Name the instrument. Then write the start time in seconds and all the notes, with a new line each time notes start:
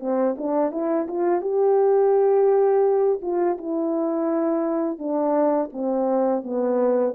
horn
0.00 C4
0.38 D4
0.71 E4
1.08 F4
1.42 G4
3.22 F4
3.58 E4
4.99 D4
5.72 C4
6.44 B3